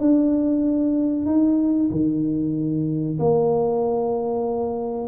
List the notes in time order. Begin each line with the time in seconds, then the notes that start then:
0.00 D4
1.26 D#4
1.91 D#3
3.19 A#3